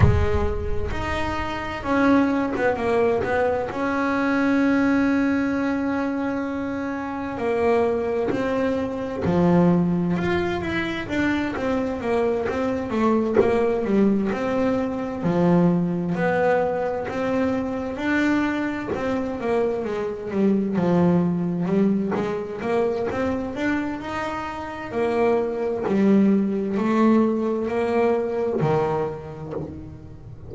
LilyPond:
\new Staff \with { instrumentName = "double bass" } { \time 4/4 \tempo 4 = 65 gis4 dis'4 cis'8. b16 ais8 b8 | cis'1 | ais4 c'4 f4 f'8 e'8 | d'8 c'8 ais8 c'8 a8 ais8 g8 c'8~ |
c'8 f4 b4 c'4 d'8~ | d'8 c'8 ais8 gis8 g8 f4 g8 | gis8 ais8 c'8 d'8 dis'4 ais4 | g4 a4 ais4 dis4 | }